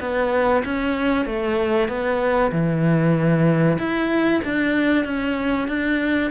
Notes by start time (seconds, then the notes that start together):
0.00 B3
0.65 C#4
1.25 A3
1.88 B3
2.52 E3
3.78 E4
4.45 D4
5.05 C#4
5.68 D4